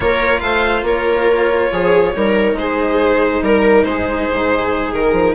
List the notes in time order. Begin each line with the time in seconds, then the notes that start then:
0.00 A#3 F4 A#4 C#5
0.40 A3 C5 F5
0.83 A#3 A#4 C#5
1.71 F3 G#4
2.14 G3 D#4 A#4
2.53 G#3 G#4 C5
3.42 G3 A#4
3.84 G#3 G#4 C5
4.31 G#2
4.92 D#3 A#4
5.12 F3